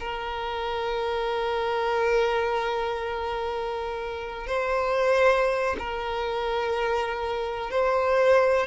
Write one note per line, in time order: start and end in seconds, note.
0.00 4.47 A#4
4.47 5.76 C5
5.79 7.71 A#4
7.71 8.67 C5